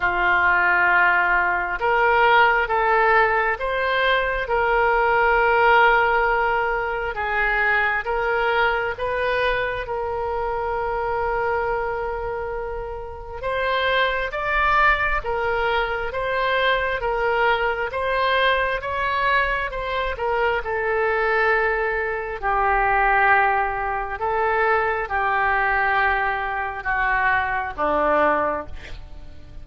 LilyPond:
\new Staff \with { instrumentName = "oboe" } { \time 4/4 \tempo 4 = 67 f'2 ais'4 a'4 | c''4 ais'2. | gis'4 ais'4 b'4 ais'4~ | ais'2. c''4 |
d''4 ais'4 c''4 ais'4 | c''4 cis''4 c''8 ais'8 a'4~ | a'4 g'2 a'4 | g'2 fis'4 d'4 | }